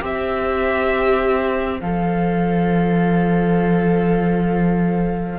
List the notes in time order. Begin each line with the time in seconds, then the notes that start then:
0.00 C4 G4 C5 E5
1.80 F3 A4 F5